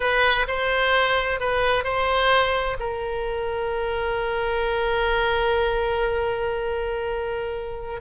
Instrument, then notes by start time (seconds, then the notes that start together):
oboe
0.00 B4
0.47 C5
1.40 B4
1.84 C5
2.79 A#4